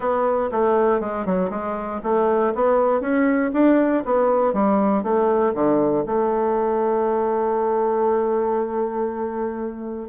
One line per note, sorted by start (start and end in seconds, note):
0.00 0.50 B3
0.51 1.00 A3
1.00 1.25 G#3
1.25 1.50 F#3
1.50 2.00 G#3
2.03 2.53 A3
2.54 3.00 B3
3.00 3.51 C#4
3.53 4.03 D4
4.05 4.53 B3
4.53 5.03 G3
5.03 5.53 A3
5.54 6.04 D3
6.05 10.08 A3